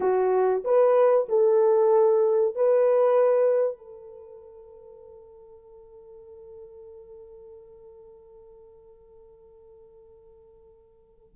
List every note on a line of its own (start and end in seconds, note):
0.00 0.63 F#4
0.64 1.27 B4
1.28 2.55 A4
2.55 3.77 B4
3.77 11.35 A4